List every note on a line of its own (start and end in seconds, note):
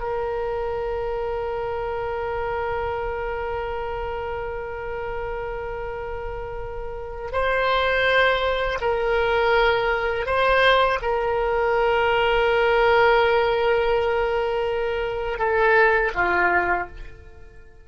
0.00 7.32 A#4
7.32 8.79 C5
8.81 10.26 A#4
10.26 11.00 C5
11.02 15.39 A#4
15.39 16.12 A4
16.15 16.88 F4